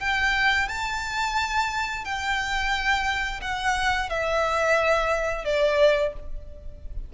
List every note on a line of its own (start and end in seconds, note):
0.00 0.68 G5
0.68 2.05 A5
2.05 3.41 G5
3.41 4.09 F#5
4.10 5.45 E5
5.45 6.13 D5